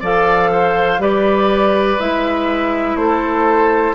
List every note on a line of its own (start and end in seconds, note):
0.00 0.98 F3
0.00 0.99 A4
0.00 0.49 D5
0.00 1.02 F5
0.52 1.01 C5
0.98 1.97 G3
0.98 1.97 G4
0.98 2.98 B4
0.98 1.99 D5
1.99 2.95 G#3
1.99 3.95 E4
1.99 2.96 E5
2.95 3.93 A3
2.95 3.95 A4
2.95 3.94 C5